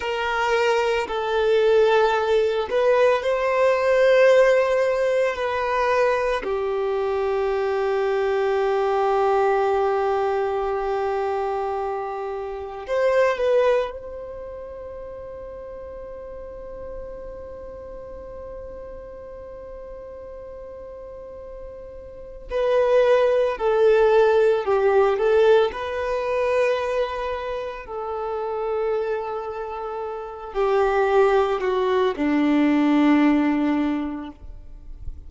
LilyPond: \new Staff \with { instrumentName = "violin" } { \time 4/4 \tempo 4 = 56 ais'4 a'4. b'8 c''4~ | c''4 b'4 g'2~ | g'1 | c''8 b'8 c''2.~ |
c''1~ | c''4 b'4 a'4 g'8 a'8 | b'2 a'2~ | a'8 g'4 fis'8 d'2 | }